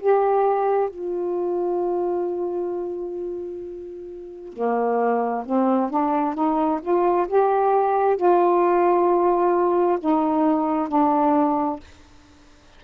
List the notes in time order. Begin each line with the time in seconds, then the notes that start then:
0.00 G4
0.90 F4
4.53 A#3
5.45 C4
5.90 D4
6.35 D#4
6.82 F4
7.28 G4
8.17 F4
10.00 D#4
10.89 D4